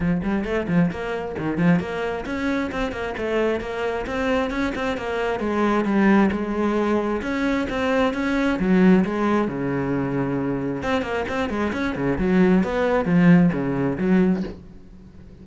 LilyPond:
\new Staff \with { instrumentName = "cello" } { \time 4/4 \tempo 4 = 133 f8 g8 a8 f8 ais4 dis8 f8 | ais4 cis'4 c'8 ais8 a4 | ais4 c'4 cis'8 c'8 ais4 | gis4 g4 gis2 |
cis'4 c'4 cis'4 fis4 | gis4 cis2. | c'8 ais8 c'8 gis8 cis'8 cis8 fis4 | b4 f4 cis4 fis4 | }